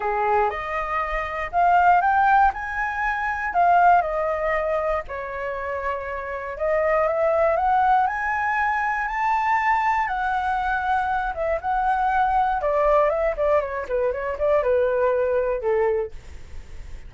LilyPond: \new Staff \with { instrumentName = "flute" } { \time 4/4 \tempo 4 = 119 gis'4 dis''2 f''4 | g''4 gis''2 f''4 | dis''2 cis''2~ | cis''4 dis''4 e''4 fis''4 |
gis''2 a''2 | fis''2~ fis''8 e''8 fis''4~ | fis''4 d''4 e''8 d''8 cis''8 b'8 | cis''8 d''8 b'2 a'4 | }